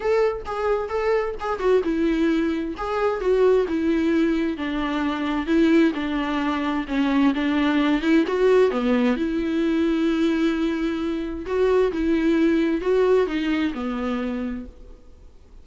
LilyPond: \new Staff \with { instrumentName = "viola" } { \time 4/4 \tempo 4 = 131 a'4 gis'4 a'4 gis'8 fis'8 | e'2 gis'4 fis'4 | e'2 d'2 | e'4 d'2 cis'4 |
d'4. e'8 fis'4 b4 | e'1~ | e'4 fis'4 e'2 | fis'4 dis'4 b2 | }